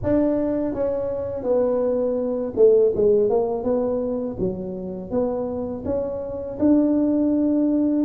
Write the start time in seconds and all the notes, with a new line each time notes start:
0.03 D4
0.74 C#4
1.43 B3
2.55 A3
2.95 G#3
3.29 A#3
3.63 B3
4.39 F#3
5.10 B3
5.85 C#4
6.59 D4